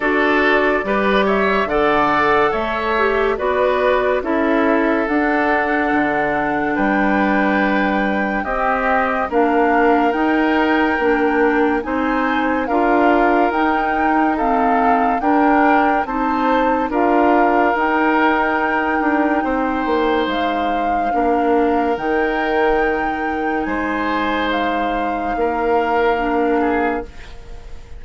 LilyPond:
<<
  \new Staff \with { instrumentName = "flute" } { \time 4/4 \tempo 4 = 71 d''4. e''8 fis''4 e''4 | d''4 e''4 fis''2 | g''2 dis''4 f''4 | g''2 gis''4 f''4 |
g''4 f''4 g''4 a''4 | f''4 g''2. | f''2 g''2 | gis''4 f''2. | }
  \new Staff \with { instrumentName = "oboe" } { \time 4/4 a'4 b'8 cis''8 d''4 cis''4 | b'4 a'2. | b'2 g'4 ais'4~ | ais'2 c''4 ais'4~ |
ais'4 a'4 ais'4 c''4 | ais'2. c''4~ | c''4 ais'2. | c''2 ais'4. gis'8 | }
  \new Staff \with { instrumentName = "clarinet" } { \time 4/4 fis'4 g'4 a'4. g'8 | fis'4 e'4 d'2~ | d'2 c'4 d'4 | dis'4 d'4 dis'4 f'4 |
dis'4 c'4 d'4 dis'4 | f'4 dis'2.~ | dis'4 d'4 dis'2~ | dis'2. d'4 | }
  \new Staff \with { instrumentName = "bassoon" } { \time 4/4 d'4 g4 d4 a4 | b4 cis'4 d'4 d4 | g2 c'4 ais4 | dis'4 ais4 c'4 d'4 |
dis'2 d'4 c'4 | d'4 dis'4. d'8 c'8 ais8 | gis4 ais4 dis2 | gis2 ais2 | }
>>